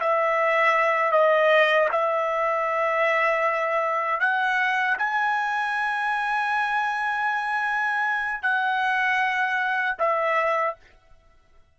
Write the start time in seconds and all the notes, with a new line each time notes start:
0.00 E5
1.12 D#5
1.92 E5
4.20 F#5
4.98 G#5
8.42 F#5
9.98 E5